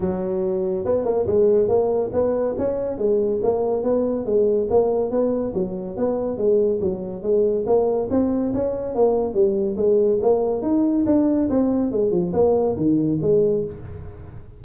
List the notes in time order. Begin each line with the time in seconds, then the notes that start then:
0.00 F#3
0.85 B3
1.04 A#3
1.26 G#3
1.68 A#3
2.12 B3
2.57 C#4
2.97 G#3
3.43 A#3
3.83 B3
4.25 G#3
4.70 A#3
5.10 B3
5.54 F#3
5.96 B3
6.37 G#3
6.80 F#3
7.22 G#3
7.66 A#3
8.10 C4
8.53 C#4
8.94 A#3
9.33 G3
9.76 G#3
10.21 A#3
10.62 D#4
11.06 D4
11.49 C4
11.91 G#3
12.11 F3
12.33 A#3
12.76 D#3
13.21 G#3